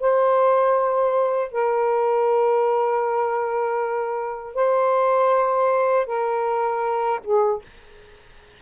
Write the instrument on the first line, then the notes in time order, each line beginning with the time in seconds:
saxophone
0.00 C5
1.52 A#4
4.54 C5
6.06 A#4
7.24 G#4